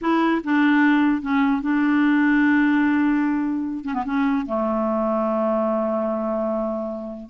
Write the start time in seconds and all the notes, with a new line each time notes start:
0.01 E4
0.44 D4
1.21 C#4
1.61 D4
3.84 C#4
3.94 B3
4.05 C#4
4.45 A3